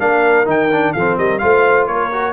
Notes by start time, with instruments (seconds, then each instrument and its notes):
0.00 tuba A#3, trombone D4, horn A#4, trumpet F5
0.46 tuba D#3, trombone D#4, trumpet G5
0.72 trombone D4
0.93 tuba F3, horn A4, trumpet F5
0.99 trombone C4
1.18 tuba G3, horn A#4, trumpet D#5
1.39 tuba A3, trombone F4, horn C5, trumpet F5
1.87 tuba A#3, horn A#4, trumpet C#5
2.12 trombone F#4